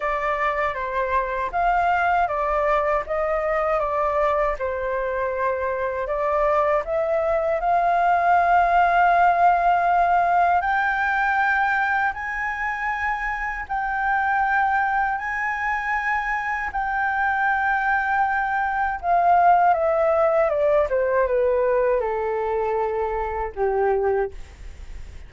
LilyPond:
\new Staff \with { instrumentName = "flute" } { \time 4/4 \tempo 4 = 79 d''4 c''4 f''4 d''4 | dis''4 d''4 c''2 | d''4 e''4 f''2~ | f''2 g''2 |
gis''2 g''2 | gis''2 g''2~ | g''4 f''4 e''4 d''8 c''8 | b'4 a'2 g'4 | }